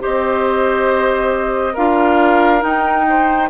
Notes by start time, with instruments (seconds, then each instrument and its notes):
0.00 bassoon C4, clarinet G4, oboe C5, flute D#5
1.74 bassoon D4, clarinet F4, oboe A#4, flute F5
2.61 clarinet D#4, bassoon D#4, flute G5
3.09 oboe C5